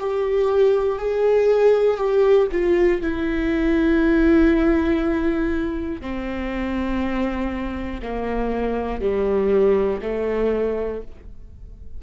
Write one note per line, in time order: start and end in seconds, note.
0.00 0.99 G4
0.99 1.97 G#4
1.97 2.47 G4
2.52 3.02 F4
3.02 6.01 E4
6.01 8.01 C4
8.02 9.00 A#3
9.00 10.00 G3
10.01 11.01 A3